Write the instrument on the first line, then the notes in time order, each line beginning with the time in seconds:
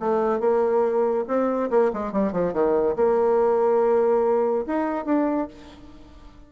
bassoon
0.00 A3
0.41 A#3
1.28 C4
1.71 A#3
1.94 G#3
2.13 G3
2.33 F3
2.54 D#3
2.96 A#3
4.67 D#4
5.06 D4